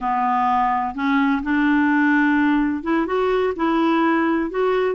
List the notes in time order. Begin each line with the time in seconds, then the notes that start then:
0.00 B3
0.94 C#4
1.42 D4
2.83 E4
3.06 F#4
3.55 E4
4.50 F#4